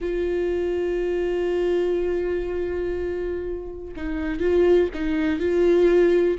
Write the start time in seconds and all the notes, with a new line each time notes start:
0.00 F4
3.96 D#4
4.40 F4
4.94 D#4
5.39 F4